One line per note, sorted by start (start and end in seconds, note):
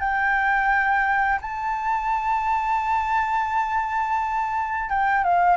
0.00 1.40 G5
1.41 4.89 A5
4.89 5.24 G5
5.24 5.57 F5